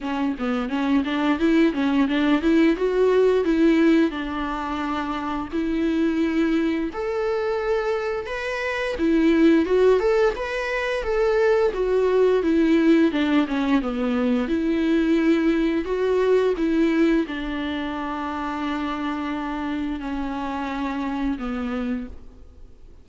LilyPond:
\new Staff \with { instrumentName = "viola" } { \time 4/4 \tempo 4 = 87 cis'8 b8 cis'8 d'8 e'8 cis'8 d'8 e'8 | fis'4 e'4 d'2 | e'2 a'2 | b'4 e'4 fis'8 a'8 b'4 |
a'4 fis'4 e'4 d'8 cis'8 | b4 e'2 fis'4 | e'4 d'2.~ | d'4 cis'2 b4 | }